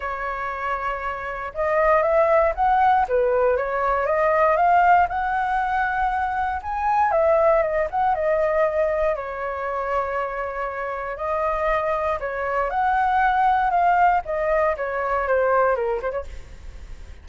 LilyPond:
\new Staff \with { instrumentName = "flute" } { \time 4/4 \tempo 4 = 118 cis''2. dis''4 | e''4 fis''4 b'4 cis''4 | dis''4 f''4 fis''2~ | fis''4 gis''4 e''4 dis''8 fis''8 |
dis''2 cis''2~ | cis''2 dis''2 | cis''4 fis''2 f''4 | dis''4 cis''4 c''4 ais'8 c''16 cis''16 | }